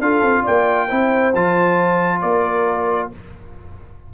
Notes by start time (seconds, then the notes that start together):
0.00 D4 F4 A4 F5
0.22 C4
0.43 A#3 D5 G5
0.88 C4 E4 C5
1.35 F3 F4 A5
2.21 A#3 A#4 D5